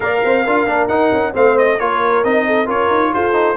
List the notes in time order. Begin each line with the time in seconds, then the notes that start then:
0.00 A#3 A#4 D5 F5
0.24 C4 C5
0.43 D4 F4 A#4
0.66 A#3 D4
0.88 D#4 F#5
1.12 C#4
1.33 A3 C4 C5 F5
1.58 D#5
1.79 A#3 F4 A#4 C#5
2.23 C4 D#4 D#5
2.47 A4
2.66 C#4 F4 A#4 C#5
2.89 D#4
3.13 F4 A4 C5
3.32 D#4